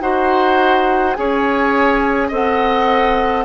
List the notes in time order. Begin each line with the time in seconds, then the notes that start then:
0.00 D#4 F#4 C5 F#5
1.13 C#4 G#4 C#5 G#5
2.28 C4 A4 D#5
2.34 F#5